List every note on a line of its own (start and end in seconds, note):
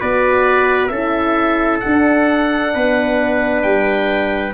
0.00 0.90 B3
0.00 0.92 F#4
0.00 0.91 B4
0.00 0.87 D5
0.87 1.81 C#4
0.87 1.83 E4
0.87 2.74 A4
0.87 1.78 E5
1.80 4.54 D4
1.80 2.75 D4
1.80 3.62 F#5
2.74 3.64 B3
2.74 4.54 B4
3.62 4.54 G3
3.62 4.53 G5